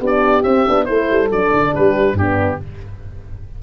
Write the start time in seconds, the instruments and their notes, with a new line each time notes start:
0.00 tuba B3, horn D4 G4
0.07 oboe D5
0.43 tuba C4, horn C4, oboe E5
0.67 tuba B3, horn D4
0.86 tuba A3, horn E4 A4, oboe C5
1.11 tuba G3
1.31 tuba F#3, horn D4, oboe D5
1.54 tuba D3
1.74 tuba G3, horn G4, oboe B4
2.13 tuba G2, horn D4, oboe G4
2.20 horn B3